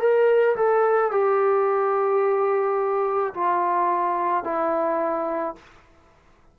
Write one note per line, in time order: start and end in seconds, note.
0.00 0.56 A#4
0.56 1.11 A4
1.11 3.33 G4
3.34 4.43 F4
4.43 5.55 E4